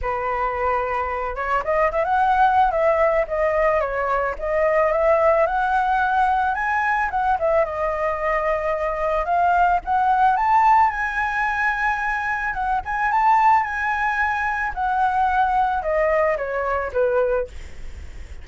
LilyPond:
\new Staff \with { instrumentName = "flute" } { \time 4/4 \tempo 4 = 110 b'2~ b'8 cis''8 dis''8 e''16 fis''16~ | fis''4 e''4 dis''4 cis''4 | dis''4 e''4 fis''2 | gis''4 fis''8 e''8 dis''2~ |
dis''4 f''4 fis''4 a''4 | gis''2. fis''8 gis''8 | a''4 gis''2 fis''4~ | fis''4 dis''4 cis''4 b'4 | }